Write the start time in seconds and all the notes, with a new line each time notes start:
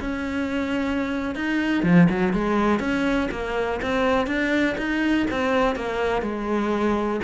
0.00 C#4
1.35 D#4
1.83 F3
2.10 F#3
2.33 G#3
2.80 C#4
3.32 A#3
3.82 C4
4.27 D4
4.77 D#4
5.31 C4
5.76 A#3
6.22 G#3